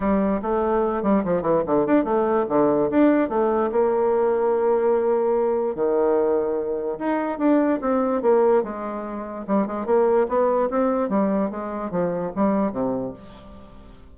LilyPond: \new Staff \with { instrumentName = "bassoon" } { \time 4/4 \tempo 4 = 146 g4 a4. g8 f8 e8 | d8 d'8 a4 d4 d'4 | a4 ais2.~ | ais2 dis2~ |
dis4 dis'4 d'4 c'4 | ais4 gis2 g8 gis8 | ais4 b4 c'4 g4 | gis4 f4 g4 c4 | }